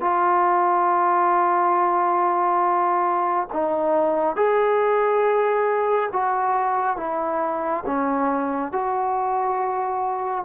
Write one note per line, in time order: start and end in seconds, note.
0.00 3.48 F4
3.52 4.36 D#4
4.36 6.09 G#4
6.12 6.96 F#4
6.96 7.83 E4
7.86 8.72 C#4
8.72 10.44 F#4